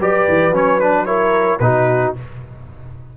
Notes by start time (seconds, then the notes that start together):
0.00 F#3 G4 B4 D5
0.28 E3
0.51 F#3 C#4 C#5
0.80 D4 B4
1.06 E4 A#4 C#5
1.60 B2 D#4 F#4 B4